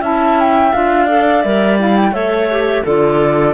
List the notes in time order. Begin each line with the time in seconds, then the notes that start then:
0.00 C#4 E4 E5 A5
0.39 G5
0.73 D4 F4 F5
1.06 A4 D5
1.42 G3 A#4 E5
1.79 E4 F5
1.96 G5
2.11 A3 A4 C#5 E5
2.50 G4
2.83 D3 F4 A4 D5